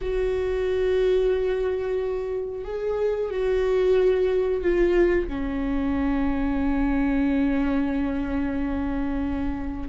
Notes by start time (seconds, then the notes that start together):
0.01 F#4
2.64 G#4
3.30 F#4
4.62 F4
5.27 C#4